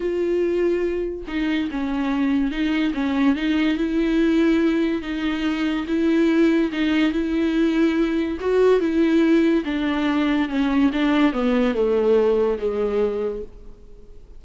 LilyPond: \new Staff \with { instrumentName = "viola" } { \time 4/4 \tempo 4 = 143 f'2. dis'4 | cis'2 dis'4 cis'4 | dis'4 e'2. | dis'2 e'2 |
dis'4 e'2. | fis'4 e'2 d'4~ | d'4 cis'4 d'4 b4 | a2 gis2 | }